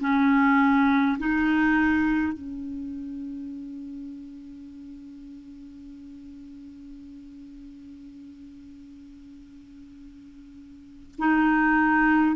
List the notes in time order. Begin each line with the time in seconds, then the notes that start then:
0.00 C#4
1.19 D#4
2.33 C#4
11.18 D#4